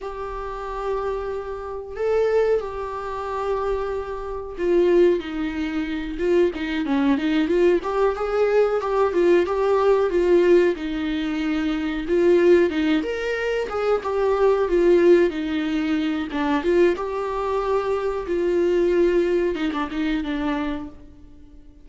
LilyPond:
\new Staff \with { instrumentName = "viola" } { \time 4/4 \tempo 4 = 92 g'2. a'4 | g'2. f'4 | dis'4. f'8 dis'8 cis'8 dis'8 f'8 | g'8 gis'4 g'8 f'8 g'4 f'8~ |
f'8 dis'2 f'4 dis'8 | ais'4 gis'8 g'4 f'4 dis'8~ | dis'4 d'8 f'8 g'2 | f'2 dis'16 d'16 dis'8 d'4 | }